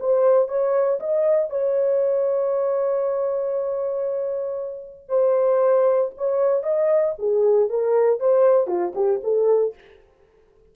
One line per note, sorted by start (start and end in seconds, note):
0.00 0.48 C5
0.48 1.00 C#5
1.00 1.50 D#5
1.50 5.09 C#5
5.09 6.11 C5
6.18 6.63 C#5
6.63 7.15 D#5
7.19 7.70 G#4
7.70 8.20 A#4
8.20 8.68 C5
8.68 8.93 F4
8.95 9.21 G4
9.24 9.75 A4